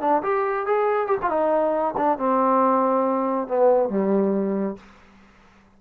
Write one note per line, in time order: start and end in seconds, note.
0.00 0.22 D4
0.22 0.66 G4
0.66 1.07 G#4
1.07 1.17 G4
1.22 1.29 F4
1.29 1.94 D#4
1.97 2.18 D4
2.18 3.47 C4
3.47 3.89 B3
3.89 4.76 G3